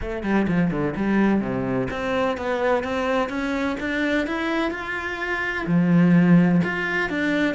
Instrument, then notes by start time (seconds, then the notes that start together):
cello
0.01 A3
0.23 G3
0.47 F3
0.70 D3
0.96 G3
1.40 C3
1.90 C4
2.37 B3
2.83 C4
3.29 C#4
3.79 D4
4.26 E4
4.71 F4
5.66 F3
6.64 F4
7.09 D4